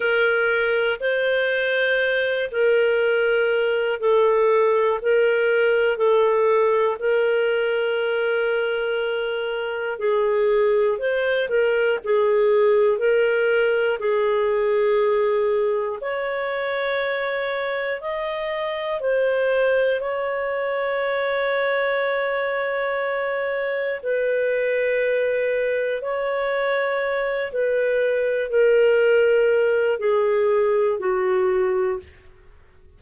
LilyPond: \new Staff \with { instrumentName = "clarinet" } { \time 4/4 \tempo 4 = 60 ais'4 c''4. ais'4. | a'4 ais'4 a'4 ais'4~ | ais'2 gis'4 c''8 ais'8 | gis'4 ais'4 gis'2 |
cis''2 dis''4 c''4 | cis''1 | b'2 cis''4. b'8~ | b'8 ais'4. gis'4 fis'4 | }